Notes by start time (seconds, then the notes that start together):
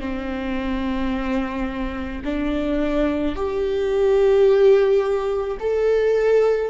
0.00 C4
2.25 D4
3.36 G4
5.60 A4